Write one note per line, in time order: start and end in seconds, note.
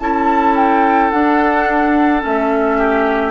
0.00 1.12 C#4
0.00 1.12 E4
0.00 2.78 A4
0.00 0.56 A5
0.56 1.11 G5
1.11 2.22 D4
1.11 2.24 D4
1.11 2.22 F#5
2.22 3.31 A3
2.22 3.31 C#4
2.22 3.31 E5
2.78 3.31 G4